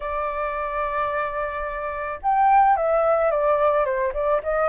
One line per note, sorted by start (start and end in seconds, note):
0.00 2.19 D5
2.22 2.76 G5
2.76 3.31 E5
3.31 3.85 D5
3.85 4.12 C5
4.13 4.41 D5
4.43 4.69 D#5